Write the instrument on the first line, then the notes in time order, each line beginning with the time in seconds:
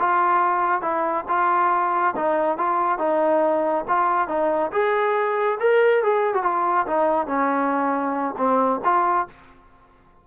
trombone
0.00 F4
0.82 E4
1.29 F4
2.16 D#4
2.58 F4
2.99 D#4
3.88 F4
4.28 D#4
4.72 G#4
5.60 A#4
6.03 G#4
6.34 F#4
6.43 F4
6.87 D#4
7.27 C#4
8.38 C4
8.84 F4